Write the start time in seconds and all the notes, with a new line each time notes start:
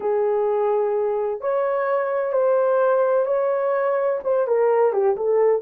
0.00 G#4
1.40 C#5
2.32 C5
3.25 C#5
4.23 C5
4.47 A#4
4.92 G4
5.16 A4